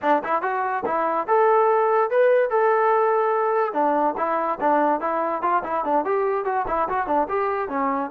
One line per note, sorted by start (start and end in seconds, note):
0.02 0.22 D4
0.23 0.42 E4
0.42 0.83 F#4
0.85 1.27 E4
1.27 2.10 A4
2.10 2.49 B4
2.49 3.73 A4
3.73 4.15 D4
4.17 4.59 E4
4.60 5.00 D4
5.00 5.42 E4
5.42 5.62 F4
5.63 5.84 E4
5.84 6.05 D4
6.05 6.44 G4
6.44 6.65 F#4
6.67 6.88 E4
6.88 7.06 F#4
7.06 7.27 D4
7.29 7.68 G4
7.68 8.10 C#4